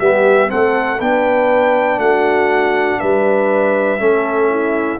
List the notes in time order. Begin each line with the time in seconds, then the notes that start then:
0.00 G3 B3 G4 E5
0.48 A3 C4 A4 F#5
1.00 B3 D4 B4 G5
1.98 A3 F#4 F#5
3.00 G3 B4 E5
3.99 A3 C#4 A4
4.50 E4